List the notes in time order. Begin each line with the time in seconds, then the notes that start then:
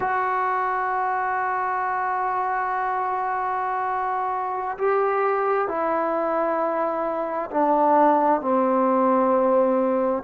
0.00 F#4
4.77 G4
5.68 E4
7.50 D4
8.41 C4